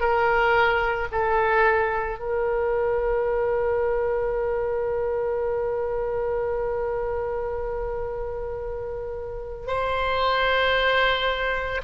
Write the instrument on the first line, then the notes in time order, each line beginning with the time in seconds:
oboe
0.00 A#4
1.12 A4
2.19 A#4
9.67 C5